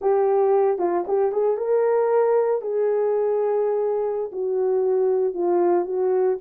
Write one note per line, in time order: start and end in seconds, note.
0.01 0.78 G4
0.78 1.04 F4
1.07 1.32 G4
1.32 1.57 G#4
1.57 2.61 A#4
2.61 4.31 G#4
4.32 5.34 F#4
5.34 5.85 F4
5.85 6.37 F#4